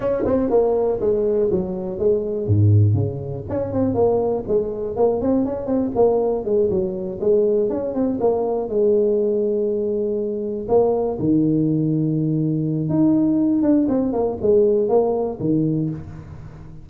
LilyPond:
\new Staff \with { instrumentName = "tuba" } { \time 4/4 \tempo 4 = 121 cis'8 c'8 ais4 gis4 fis4 | gis4 gis,4 cis4 cis'8 c'8 | ais4 gis4 ais8 c'8 cis'8 c'8 | ais4 gis8 fis4 gis4 cis'8 |
c'8 ais4 gis2~ gis8~ | gis4. ais4 dis4.~ | dis2 dis'4. d'8 | c'8 ais8 gis4 ais4 dis4 | }